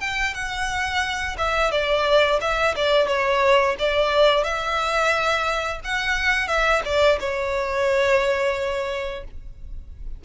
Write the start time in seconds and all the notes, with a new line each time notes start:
0.00 G5
0.34 F#5
1.38 E5
1.71 D5
2.41 E5
2.76 D5
3.07 C#5
3.79 D5
4.43 E5
5.84 F#5
6.47 E5
6.85 D5
7.19 C#5